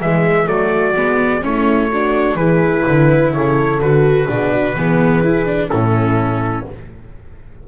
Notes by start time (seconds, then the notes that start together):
0.00 E3 G#3 G#4 E5
0.46 F#3 A3 F#4 D5
0.96 G#3 B3
1.41 A3 C#4 E4 C#5
1.91 D4 F#4
2.35 E3 E4 G#4 B4
2.86 D3 B4
3.33 C#3 A4 C#5
3.79 D3 F#4 B4
4.27 B2 D4 G#4
4.52 F#4
4.75 E3 B3 G#4
5.24 E4
5.45 D4
5.70 A2 C#4 E4 A4